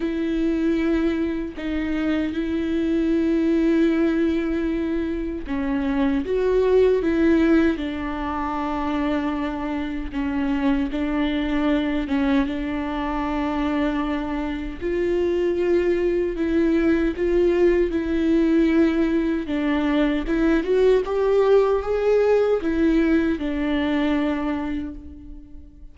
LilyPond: \new Staff \with { instrumentName = "viola" } { \time 4/4 \tempo 4 = 77 e'2 dis'4 e'4~ | e'2. cis'4 | fis'4 e'4 d'2~ | d'4 cis'4 d'4. cis'8 |
d'2. f'4~ | f'4 e'4 f'4 e'4~ | e'4 d'4 e'8 fis'8 g'4 | gis'4 e'4 d'2 | }